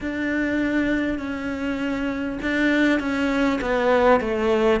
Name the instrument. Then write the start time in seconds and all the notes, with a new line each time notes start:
cello
0.01 D4
1.18 C#4
2.42 D4
2.99 C#4
3.61 B3
4.20 A3